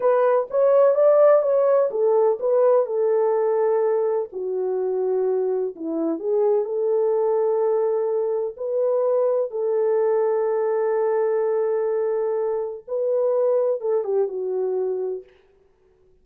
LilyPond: \new Staff \with { instrumentName = "horn" } { \time 4/4 \tempo 4 = 126 b'4 cis''4 d''4 cis''4 | a'4 b'4 a'2~ | a'4 fis'2. | e'4 gis'4 a'2~ |
a'2 b'2 | a'1~ | a'2. b'4~ | b'4 a'8 g'8 fis'2 | }